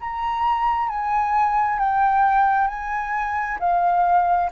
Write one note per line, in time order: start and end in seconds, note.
0.00 0.88 A#5
0.88 1.79 G#5
1.79 2.67 G5
2.67 3.58 G#5
3.59 4.50 F5